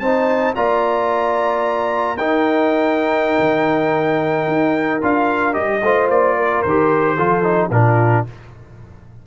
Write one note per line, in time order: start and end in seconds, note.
0.00 0.54 C4
0.00 0.56 D#4
0.00 0.56 C5
0.00 0.54 A5
0.55 2.17 A#3
0.55 2.18 F4
0.55 2.18 D5
0.55 2.18 A#5
2.17 3.39 D#4
2.17 5.02 D#4
2.17 5.83 A#4
2.17 5.01 G5
3.39 4.48 D#3
4.48 5.02 D#4
5.02 5.56 D4
5.02 5.53 F4
5.02 5.54 F5
5.53 5.83 G3
5.53 5.81 G4
5.53 6.08 D#5
5.83 6.09 A3
5.83 6.66 F4
5.83 6.37 C5
6.09 6.63 A#3
6.09 6.62 D5
6.37 7.16 A#4
6.62 7.18 D#3
6.62 7.70 C5
6.69 7.18 G4
7.16 7.70 F3
7.16 7.43 F4
7.16 7.70 A4
7.43 7.70 D#4
7.70 8.25 A#2
7.70 8.27 D4
7.70 8.26 F4
7.70 8.26 A#4